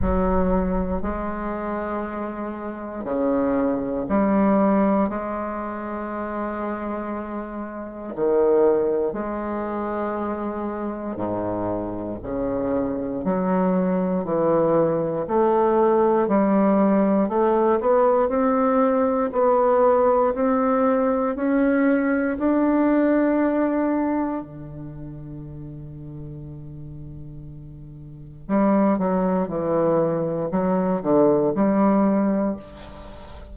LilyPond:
\new Staff \with { instrumentName = "bassoon" } { \time 4/4 \tempo 4 = 59 fis4 gis2 cis4 | g4 gis2. | dis4 gis2 gis,4 | cis4 fis4 e4 a4 |
g4 a8 b8 c'4 b4 | c'4 cis'4 d'2 | d1 | g8 fis8 e4 fis8 d8 g4 | }